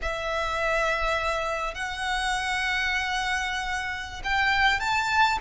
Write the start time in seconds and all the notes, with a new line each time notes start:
0.02 E5
1.74 F#5
4.24 G5
4.80 A5